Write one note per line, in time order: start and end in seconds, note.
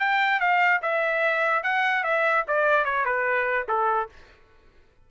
0.00 0.40 G5
0.40 0.81 F5
0.82 1.64 E5
1.64 2.04 F#5
2.04 2.45 E5
2.48 2.85 D5
2.85 3.05 C#5
3.06 3.67 B4
3.69 4.09 A4